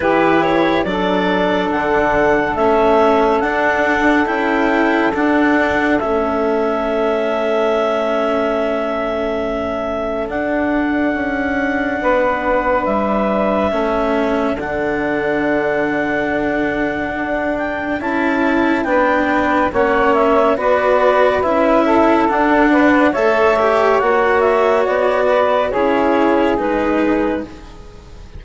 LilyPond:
<<
  \new Staff \with { instrumentName = "clarinet" } { \time 4/4 \tempo 4 = 70 b'8 cis''8 d''4 fis''4 e''4 | fis''4 g''4 fis''4 e''4~ | e''1 | fis''2. e''4~ |
e''4 fis''2.~ | fis''8 g''8 a''4 g''4 fis''8 e''8 | d''4 e''4 fis''4 e''4 | fis''8 e''8 d''4 cis''4 b'4 | }
  \new Staff \with { instrumentName = "saxophone" } { \time 4/4 g'4 a'2.~ | a'1~ | a'1~ | a'2 b'2 |
a'1~ | a'2 b'4 cis''4 | b'4. a'4 b'8 cis''4~ | cis''4. b'8 gis'2 | }
  \new Staff \with { instrumentName = "cello" } { \time 4/4 e'4 d'2 cis'4 | d'4 e'4 d'4 cis'4~ | cis'1 | d'1 |
cis'4 d'2.~ | d'4 e'4 d'4 cis'4 | fis'4 e'4 d'4 a'8 g'8 | fis'2 e'4 dis'4 | }
  \new Staff \with { instrumentName = "bassoon" } { \time 4/4 e4 fis4 d4 a4 | d'4 cis'4 d'4 a4~ | a1 | d'4 cis'4 b4 g4 |
a4 d2. | d'4 cis'4 b4 ais4 | b4 cis'4 d'4 a4 | ais4 b4 cis'4 gis4 | }
>>